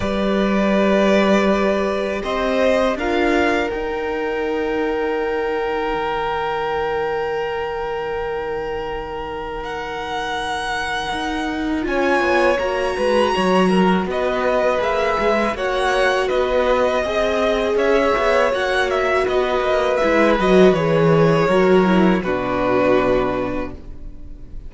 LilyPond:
<<
  \new Staff \with { instrumentName = "violin" } { \time 4/4 \tempo 4 = 81 d''2. dis''4 | f''4 g''2.~ | g''1~ | g''4 fis''2. |
gis''4 ais''2 dis''4 | e''4 fis''4 dis''2 | e''4 fis''8 e''8 dis''4 e''8 dis''8 | cis''2 b'2 | }
  \new Staff \with { instrumentName = "violin" } { \time 4/4 b'2. c''4 | ais'1~ | ais'1~ | ais'1 |
cis''4. b'8 cis''8 ais'8 b'4~ | b'4 cis''4 b'4 dis''4 | cis''2 b'2~ | b'4 ais'4 fis'2 | }
  \new Staff \with { instrumentName = "viola" } { \time 4/4 g'1 | f'4 dis'2.~ | dis'1~ | dis'1 |
f'4 fis'2. | gis'4 fis'2 gis'4~ | gis'4 fis'2 e'8 fis'8 | gis'4 fis'8 e'8 d'2 | }
  \new Staff \with { instrumentName = "cello" } { \time 4/4 g2. c'4 | d'4 dis'2. | dis1~ | dis2. dis'4 |
cis'8 b8 ais8 gis8 fis4 b4 | ais8 gis8 ais4 b4 c'4 | cis'8 b8 ais4 b8 ais8 gis8 fis8 | e4 fis4 b,2 | }
>>